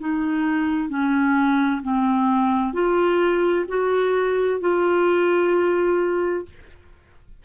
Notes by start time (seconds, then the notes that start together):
0.00 D#4
0.89 C#4
1.83 C4
2.74 F4
3.68 F#4
4.61 F4